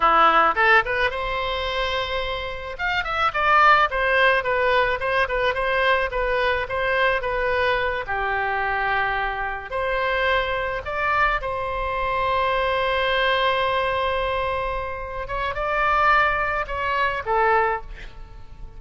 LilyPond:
\new Staff \with { instrumentName = "oboe" } { \time 4/4 \tempo 4 = 108 e'4 a'8 b'8 c''2~ | c''4 f''8 e''8 d''4 c''4 | b'4 c''8 b'8 c''4 b'4 | c''4 b'4. g'4.~ |
g'4. c''2 d''8~ | d''8 c''2.~ c''8~ | c''2.~ c''8 cis''8 | d''2 cis''4 a'4 | }